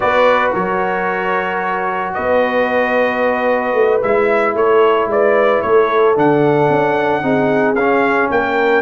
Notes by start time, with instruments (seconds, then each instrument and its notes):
0.00 tuba B3, trombone F#4, horn B4, trumpet D5
0.53 tuba F#3, horn A#4, trumpet C#5
2.13 tuba B3, horn B4, trumpet D#5
3.73 tuba A3
4.02 tuba G#3, trombone E4, trumpet E5
4.54 tuba A3, horn A4, trumpet C#5
5.06 tuba G#3, horn B4, trumpet D5
5.61 tuba A3, horn A4, trumpet C#5
6.15 tuba D3, trombone D4, trumpet F#5
6.69 tuba C#4
7.21 tuba C4, trombone D#4, horn G#4
7.74 tuba C#4, trombone C#4, trumpet F5
8.30 tuba A#3, horn A#4, trumpet G5